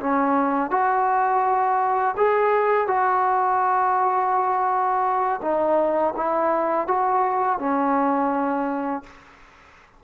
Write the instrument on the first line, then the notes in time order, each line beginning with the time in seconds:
trombone
0.00 C#4
0.70 F#4
2.17 G#4
2.88 F#4
5.42 D#4
6.16 E4
6.87 F#4
7.59 C#4